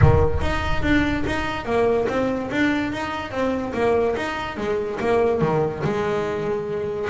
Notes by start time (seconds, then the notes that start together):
0.01 D#3
0.41 D#4
0.82 D4
1.26 D#4
1.65 A#3
2.08 C4
2.51 D4
2.92 D#4
3.31 C4
3.73 A#3
4.16 D#4
4.57 G#3
4.99 A#3
5.41 D#3
5.83 G#3